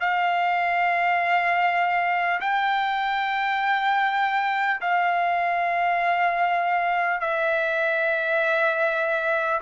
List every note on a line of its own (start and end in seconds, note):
0.00 2.40 F5
2.41 4.81 G5
4.81 7.20 F5
7.20 9.60 E5